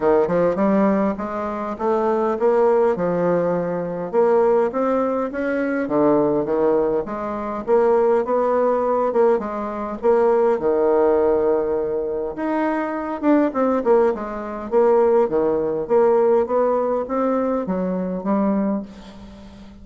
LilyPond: \new Staff \with { instrumentName = "bassoon" } { \time 4/4 \tempo 4 = 102 dis8 f8 g4 gis4 a4 | ais4 f2 ais4 | c'4 cis'4 d4 dis4 | gis4 ais4 b4. ais8 |
gis4 ais4 dis2~ | dis4 dis'4. d'8 c'8 ais8 | gis4 ais4 dis4 ais4 | b4 c'4 fis4 g4 | }